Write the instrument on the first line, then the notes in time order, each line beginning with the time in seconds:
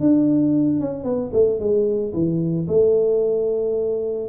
tuba
0.00 D4
0.80 C#4
1.03 B3
1.32 A3
1.59 G#3
2.13 E3
2.67 A3